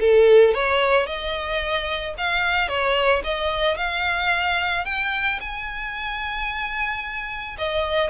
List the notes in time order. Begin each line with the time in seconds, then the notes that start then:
0.00 A4
0.54 C#5
1.07 D#5
2.18 F5
2.69 C#5
3.24 D#5
3.77 F5
4.86 G5
5.41 G#5
7.58 D#5